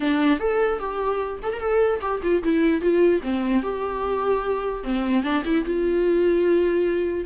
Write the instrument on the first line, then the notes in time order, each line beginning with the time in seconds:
viola
0.00 D4
0.39 A4
0.79 G4
1.42 A4
1.52 A#4
1.59 A4
2.01 G4
2.22 F4
2.43 E4
2.81 F4
3.23 C4
3.62 G4
4.83 C4
5.23 D4
5.44 E4
5.64 F4